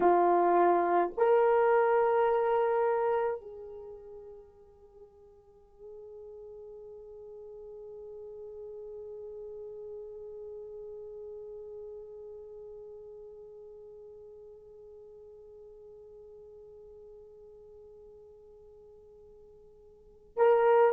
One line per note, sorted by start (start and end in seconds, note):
0.00 1.12 F4
1.17 3.40 A#4
3.40 20.36 G#4
20.36 20.92 A#4